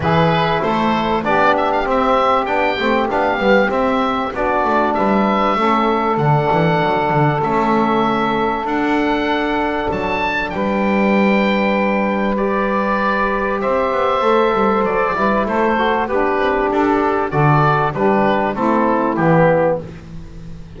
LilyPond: <<
  \new Staff \with { instrumentName = "oboe" } { \time 4/4 \tempo 4 = 97 b'4 c''4 d''8 e''16 f''16 e''4 | g''4 f''4 e''4 d''4 | e''2 fis''2 | e''2 fis''2 |
a''4 g''2. | d''2 e''2 | d''4 c''4 b'4 a'4 | d''4 b'4 a'4 g'4 | }
  \new Staff \with { instrumentName = "saxophone" } { \time 4/4 gis'4 a'4 g'2~ | g'2. fis'4 | b'4 a'2.~ | a'1~ |
a'4 b'2.~ | b'2 c''2~ | c''8 b'8 a'4 d'2 | a'4 g'4 e'2 | }
  \new Staff \with { instrumentName = "trombone" } { \time 4/4 e'2 d'4 c'4 | d'8 c'8 d'8 b8 c'4 d'4~ | d'4 cis'4 d'2 | cis'2 d'2~ |
d'1 | g'2. a'4~ | a'8 e'4 fis'8 g'2 | fis'4 d'4 c'4 b4 | }
  \new Staff \with { instrumentName = "double bass" } { \time 4/4 e4 a4 b4 c'4 | b8 a8 b8 g8 c'4 b8 a8 | g4 a4 d8 e8 fis8 d8 | a2 d'2 |
fis4 g2.~ | g2 c'8 b8 a8 g8 | fis8 g8 a4 b8 c'8 d'4 | d4 g4 a4 e4 | }
>>